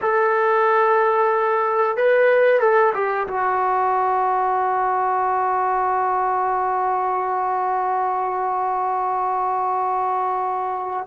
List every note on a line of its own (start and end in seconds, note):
0.01 1.96 A4
1.96 2.60 B4
2.60 2.93 A4
2.94 3.27 G4
3.27 11.06 F#4